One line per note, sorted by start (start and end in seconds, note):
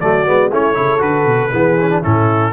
0.00 0.28 F#3
0.00 0.26 A3
0.00 0.52 F#4
0.00 0.51 D5
0.26 0.51 G#3
0.26 0.51 B3
0.51 0.77 A3
0.51 0.74 C#4
0.51 0.76 E4
0.51 1.02 C#5
0.74 1.01 C#3
0.74 0.99 E4
0.74 1.53 A4
0.99 1.26 D3
0.99 1.50 F#4
0.99 2.03 B4
1.26 1.52 B2
1.52 2.04 E3
1.52 1.77 B3
1.52 2.02 G#4
1.82 1.90 C#4
1.90 2.03 D4
2.02 2.53 A2
2.02 2.53 C#4
2.02 2.53 E4
2.02 2.53 A4